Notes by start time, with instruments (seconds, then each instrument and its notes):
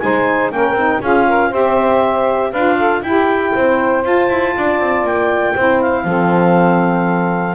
0.00 double bass G#3, saxophone D#4 C5, clarinet G#5
0.51 double bass A#3, saxophone C#4 A#4, clarinet G5
0.73 double bass C4, saxophone D#4
1.02 double bass C#4, saxophone F4 G#4, clarinet F5
1.28 saxophone A#4
1.50 double bass C4, saxophone G4 C5, clarinet E5
2.52 double bass D4, saxophone F4 B4, clarinet F5
2.78 saxophone A4
3.02 double bass E4, saxophone E4 G4, clarinet G5
3.55 double bass C4, saxophone C5
4.04 saxophone F4, double bass F4, clarinet A5
4.30 double bass E4
4.57 double bass D4, saxophone D5
4.80 double bass C4
5.04 double bass A#3, clarinet G5
5.55 double bass C4, saxophone E4 C5
5.82 clarinet F5
6.05 double bass F3, saxophone C4 A4